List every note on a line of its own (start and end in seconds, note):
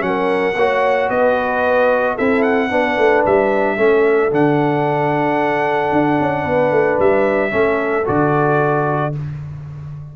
0.00 0.55 F#3
0.00 0.54 C#4
0.00 1.10 F#5
0.07 0.57 A#4
0.56 1.09 A#3
0.56 2.19 F#4
0.56 1.10 C#5
1.10 2.17 B3
1.10 2.15 B4
1.10 2.17 D#5
2.15 2.72 C4
2.15 2.71 E4
2.15 2.69 A4
2.15 2.43 E5
2.43 3.23 F#5
2.71 2.98 B3
2.71 3.78 D4
2.71 3.77 B4
2.98 3.25 A3
3.26 3.79 G3
3.26 4.33 E5
3.77 4.32 A3
3.77 4.31 C#4
3.77 6.43 A4
4.32 5.93 D3
4.32 7.51 D4
4.32 7.00 F#5
5.93 6.19 D4
6.21 6.45 C#4
6.43 6.72 B3
6.43 7.50 B4
6.72 6.99 A3
6.99 7.53 G3
6.99 8.07 E5
7.51 8.07 A3
7.51 8.04 C#4
7.51 9.15 A4
8.05 9.16 D3
8.05 9.12 F#4
8.05 9.15 D5